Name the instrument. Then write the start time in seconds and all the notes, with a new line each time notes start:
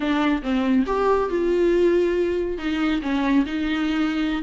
viola
0.00 D4
0.42 C4
0.86 G4
1.29 F4
2.58 D#4
3.02 C#4
3.46 D#4